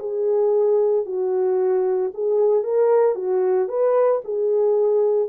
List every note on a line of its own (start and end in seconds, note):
0.00 1.06 G#4
1.06 2.12 F#4
2.15 2.64 G#4
2.64 3.16 A#4
3.16 3.69 F#4
3.69 4.22 B4
4.25 5.29 G#4